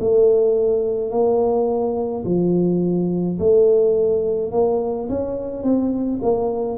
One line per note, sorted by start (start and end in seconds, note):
0.00 1.11 A3
1.11 2.24 A#3
2.25 3.38 F3
3.39 4.52 A3
4.52 5.08 A#3
5.09 5.63 C#4
5.63 6.20 C4
6.22 6.78 A#3